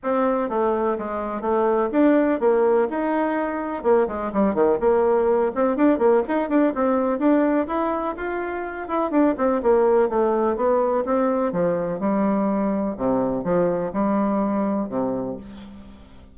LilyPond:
\new Staff \with { instrumentName = "bassoon" } { \time 4/4 \tempo 4 = 125 c'4 a4 gis4 a4 | d'4 ais4 dis'2 | ais8 gis8 g8 dis8 ais4. c'8 | d'8 ais8 dis'8 d'8 c'4 d'4 |
e'4 f'4. e'8 d'8 c'8 | ais4 a4 b4 c'4 | f4 g2 c4 | f4 g2 c4 | }